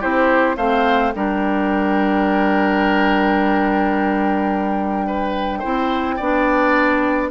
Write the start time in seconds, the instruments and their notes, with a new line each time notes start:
0.00 bassoon C4, clarinet E4, oboe G4, flute C5
0.57 bassoon A3, clarinet C4, oboe C5, flute F5
1.12 bassoon G3, clarinet D4, oboe A#4, flute G5
5.06 oboe B4
5.59 bassoon C4, clarinet E4, oboe C5
6.16 bassoon B3, clarinet D4, oboe D5